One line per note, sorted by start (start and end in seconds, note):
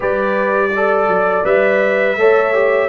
0.00 1.08 G3
0.00 0.70 G4
0.00 0.69 B4
0.00 1.45 D5
0.73 1.44 A4
0.73 2.17 D5
1.08 1.44 F#3
1.44 2.16 G3
1.44 2.16 B4
1.44 2.88 E5
2.16 2.88 A3
2.16 2.54 A4
2.16 2.88 C#5
2.54 2.88 G4